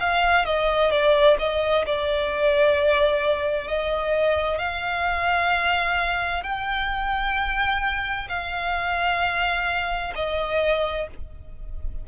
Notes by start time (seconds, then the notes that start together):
0.00 F5
0.45 D#5
0.91 D5
1.39 D#5
1.86 D5
3.68 D#5
4.59 F5
6.44 G5
8.29 F5
10.15 D#5